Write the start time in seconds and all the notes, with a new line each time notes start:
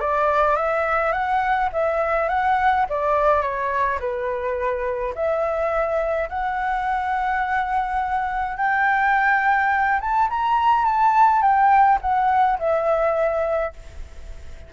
0.00 D5
0.56 E5
1.12 F#5
1.72 E5
2.29 F#5
2.89 D5
3.41 C#5
3.99 B4
5.15 E5
6.29 F#5
8.57 G5
10.00 A5
10.30 A#5
10.85 A5
11.41 G5
12.01 F#5
12.59 E5